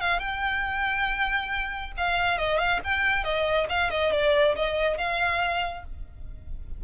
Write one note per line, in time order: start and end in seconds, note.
0.00 0.19 F5
0.19 1.92 G5
1.97 2.38 F5
2.38 2.58 D#5
2.58 2.79 F5
2.84 3.24 G5
3.24 3.67 D#5
3.69 3.90 F5
3.90 4.12 D#5
4.12 4.55 D5
4.55 4.97 D#5
4.97 5.84 F5